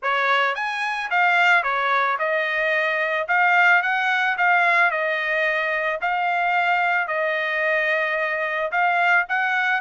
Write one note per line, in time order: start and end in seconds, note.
0.02 0.55 C#5
0.55 1.09 G#5
1.10 1.63 F5
1.63 2.17 C#5
2.18 3.27 D#5
3.28 3.82 F5
3.82 4.36 F#5
4.37 4.90 F5
4.90 5.99 D#5
6.01 7.07 F5
7.07 8.71 D#5
8.71 9.26 F5
9.29 9.80 F#5